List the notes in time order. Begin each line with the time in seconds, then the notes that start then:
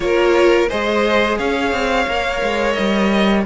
0.00 A#3 F4 A#4 C#5
0.69 G#3 G#4 C5 D#5
1.38 C#4 C#5 F5
1.72 C4
2.07 A#3 A#4
2.42 G#3
2.72 D#5
2.78 G3